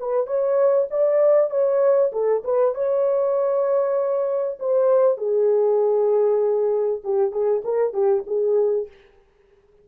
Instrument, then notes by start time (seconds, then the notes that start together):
horn
0.00 B4
0.27 C#5
0.91 D5
1.50 C#5
2.12 A4
2.44 B4
2.75 C#5
4.59 C5
5.18 G#4
7.04 G4
7.32 G#4
7.64 A#4
7.93 G4
8.27 G#4